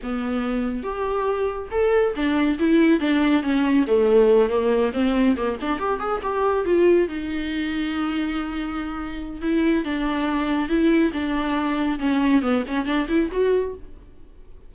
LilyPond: \new Staff \with { instrumentName = "viola" } { \time 4/4 \tempo 4 = 140 b2 g'2 | a'4 d'4 e'4 d'4 | cis'4 a4. ais4 c'8~ | c'8 ais8 d'8 g'8 gis'8 g'4 f'8~ |
f'8 dis'2.~ dis'8~ | dis'2 e'4 d'4~ | d'4 e'4 d'2 | cis'4 b8 cis'8 d'8 e'8 fis'4 | }